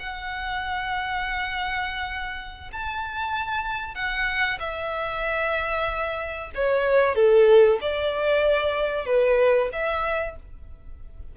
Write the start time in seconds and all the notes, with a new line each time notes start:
0.00 F#5
2.73 A5
3.95 F#5
4.60 E5
6.55 C#5
7.16 A4
7.82 D5
9.06 B4
9.73 E5